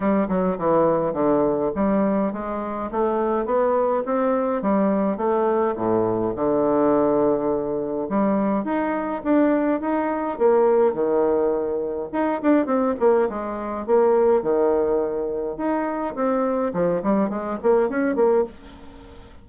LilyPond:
\new Staff \with { instrumentName = "bassoon" } { \time 4/4 \tempo 4 = 104 g8 fis8 e4 d4 g4 | gis4 a4 b4 c'4 | g4 a4 a,4 d4~ | d2 g4 dis'4 |
d'4 dis'4 ais4 dis4~ | dis4 dis'8 d'8 c'8 ais8 gis4 | ais4 dis2 dis'4 | c'4 f8 g8 gis8 ais8 cis'8 ais8 | }